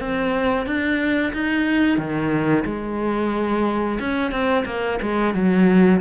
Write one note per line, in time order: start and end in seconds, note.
0.00 0.66 C4
0.66 1.33 D4
1.33 1.98 D#4
1.98 2.64 D#3
2.65 3.99 G#3
4.00 4.31 C#4
4.31 4.65 C4
4.65 4.99 A#3
5.02 5.34 G#3
5.34 6.01 F#3